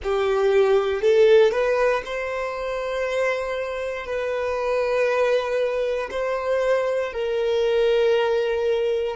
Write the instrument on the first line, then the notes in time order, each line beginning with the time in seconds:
violin
0.03 G4
1.01 A4
1.51 B4
2.05 C5
4.05 B4
6.11 C5
7.12 A#4